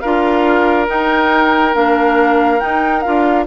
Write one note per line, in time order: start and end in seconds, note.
0.00 0.88 D4
0.00 0.87 F4
0.00 3.44 A#4
0.00 0.86 F5
0.87 1.73 D#4
0.87 1.74 D#4
0.87 1.75 G5
1.74 2.61 A#3
1.74 2.59 D4
1.74 2.60 F5
2.59 3.02 D#4
2.59 3.05 D#4
2.59 3.01 G5
3.01 3.47 F4
3.01 3.44 F5
3.07 3.47 D4